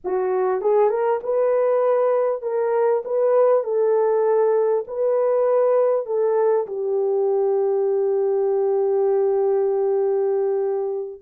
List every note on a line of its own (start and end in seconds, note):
0.04 0.61 F#4
0.61 0.89 G#4
0.89 1.19 A#4
1.23 2.42 B4
2.42 3.02 A#4
3.05 3.63 B4
3.63 4.85 A4
4.87 6.06 B4
6.06 6.66 A4
6.66 11.21 G4